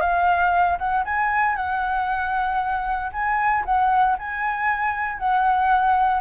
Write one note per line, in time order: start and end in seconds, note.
0.00 0.78 F5
0.78 1.04 F#5
1.04 1.56 G#5
1.56 3.11 F#5
3.12 3.64 G#5
3.65 4.17 F#5
4.18 5.18 G#5
5.18 6.21 F#5